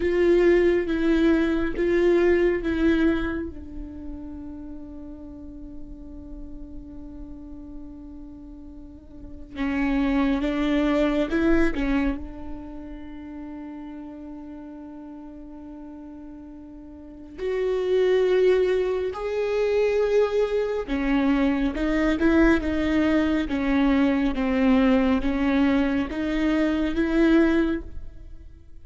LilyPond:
\new Staff \with { instrumentName = "viola" } { \time 4/4 \tempo 4 = 69 f'4 e'4 f'4 e'4 | d'1~ | d'2. cis'4 | d'4 e'8 cis'8 d'2~ |
d'1 | fis'2 gis'2 | cis'4 dis'8 e'8 dis'4 cis'4 | c'4 cis'4 dis'4 e'4 | }